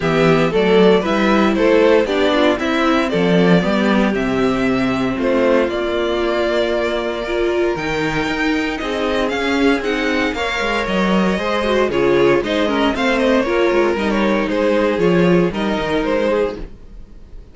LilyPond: <<
  \new Staff \with { instrumentName = "violin" } { \time 4/4 \tempo 4 = 116 e''4 d''4 e''4 c''4 | d''4 e''4 d''2 | e''2 c''4 d''4~ | d''2. g''4~ |
g''4 dis''4 f''4 fis''4 | f''4 dis''2 cis''4 | dis''4 f''8 dis''8 cis''4 dis''16 cis''8. | c''4 cis''4 dis''4 c''4 | }
  \new Staff \with { instrumentName = "violin" } { \time 4/4 g'4 a'4 b'4 a'4 | g'8 f'8 e'4 a'4 g'4~ | g'2 f'2~ | f'2 ais'2~ |
ais'4 gis'2. | cis''2 c''4 gis'4 | c''8 ais'8 c''4 ais'2 | gis'2 ais'4. gis'8 | }
  \new Staff \with { instrumentName = "viola" } { \time 4/4 b4 a4 e'2 | d'4 c'2 b4 | c'2. ais4~ | ais2 f'4 dis'4~ |
dis'2 cis'4 dis'4 | ais'2 gis'8 fis'8 f'4 | dis'8 cis'8 c'4 f'4 dis'4~ | dis'4 f'4 dis'2 | }
  \new Staff \with { instrumentName = "cello" } { \time 4/4 e4 fis4 g4 a4 | b4 c'4 f4 g4 | c2 a4 ais4~ | ais2. dis4 |
dis'4 c'4 cis'4 c'4 | ais8 gis8 fis4 gis4 cis4 | gis4 a4 ais8 gis8 g4 | gis4 f4 g8 dis8 gis4 | }
>>